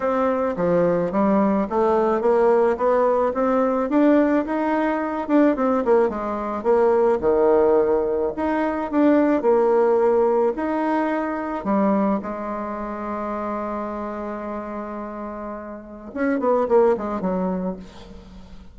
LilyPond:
\new Staff \with { instrumentName = "bassoon" } { \time 4/4 \tempo 4 = 108 c'4 f4 g4 a4 | ais4 b4 c'4 d'4 | dis'4. d'8 c'8 ais8 gis4 | ais4 dis2 dis'4 |
d'4 ais2 dis'4~ | dis'4 g4 gis2~ | gis1~ | gis4 cis'8 b8 ais8 gis8 fis4 | }